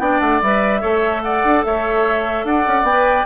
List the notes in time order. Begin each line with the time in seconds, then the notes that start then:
0.00 B3 D4 D5 G5
0.20 A3 F#5
0.42 G3 B4 E5
0.81 A3 A4 C#5
1.23 D5 F#5
1.44 D4
1.64 A3 C#5 E5
2.45 D4 D5 F#5
2.68 C#4
2.83 B3 G5
2.89 B4